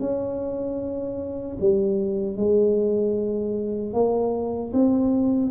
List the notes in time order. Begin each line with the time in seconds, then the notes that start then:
0.00 C#4
1.60 G3
2.37 G#3
3.94 A#3
4.73 C4